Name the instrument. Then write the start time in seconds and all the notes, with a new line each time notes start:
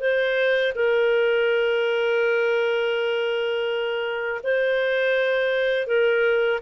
clarinet
0.00 C5
0.75 A#4
4.43 C5
5.87 A#4